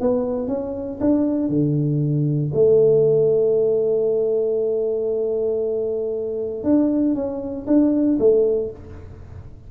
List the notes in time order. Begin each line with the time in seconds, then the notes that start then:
0.00 B3
0.48 C#4
1.00 D4
1.48 D3
2.53 A3
6.64 D4
7.14 C#4
7.66 D4
8.19 A3